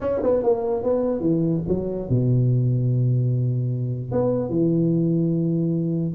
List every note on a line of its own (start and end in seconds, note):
0.00 0.21 C#4
0.22 0.43 B3
0.43 0.83 A#3
0.83 1.20 B3
1.20 1.61 E3
1.68 2.09 F#3
2.09 4.11 B2
4.11 4.49 B3
4.49 6.13 E3